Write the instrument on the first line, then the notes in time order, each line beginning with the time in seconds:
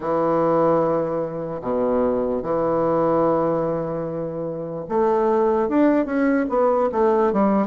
bassoon
0.00 E3
1.61 B2
2.42 E3
4.89 A3
5.68 D4
6.05 C#4
6.49 B3
6.92 A3
7.32 G3